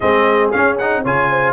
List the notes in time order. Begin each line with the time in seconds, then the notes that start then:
0.00 G#3 C4 G#4 D#5
0.51 C#4 F5
0.78 D#4 F#5
1.02 C#3 F4 C#5 G#5
1.30 C5